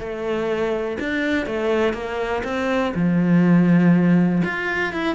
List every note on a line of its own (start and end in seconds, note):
0.00 0.98 A3
1.00 1.47 D4
1.47 1.94 A3
1.94 2.43 A#3
2.44 2.93 C4
2.95 4.43 F3
4.45 4.94 F4
4.94 5.16 E4